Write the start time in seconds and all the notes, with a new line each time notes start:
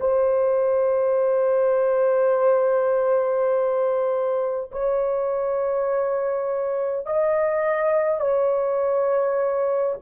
0.00 C5
4.72 C#5
7.06 D#5
8.20 C#5